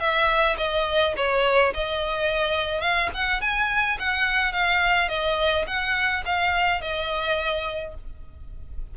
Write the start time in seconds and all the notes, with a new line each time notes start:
0.00 E5
0.58 D#5
1.17 C#5
1.74 D#5
2.81 F5
3.15 F#5
3.41 G#5
3.99 F#5
4.53 F5
5.09 D#5
5.67 F#5
6.25 F5
6.81 D#5